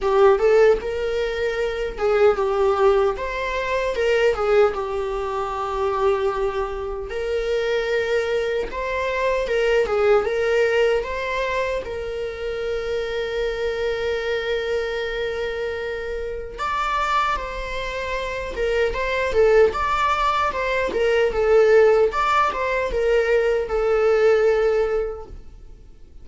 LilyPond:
\new Staff \with { instrumentName = "viola" } { \time 4/4 \tempo 4 = 76 g'8 a'8 ais'4. gis'8 g'4 | c''4 ais'8 gis'8 g'2~ | g'4 ais'2 c''4 | ais'8 gis'8 ais'4 c''4 ais'4~ |
ais'1~ | ais'4 d''4 c''4. ais'8 | c''8 a'8 d''4 c''8 ais'8 a'4 | d''8 c''8 ais'4 a'2 | }